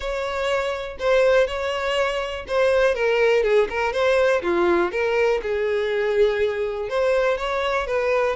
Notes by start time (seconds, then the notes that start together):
0.00 C#5
0.99 C5
1.47 C#5
2.47 C5
2.94 A#4
3.43 G#4
3.69 A#4
3.92 C5
4.42 F4
4.91 A#4
5.42 G#4
6.89 C5
7.37 C#5
7.87 B4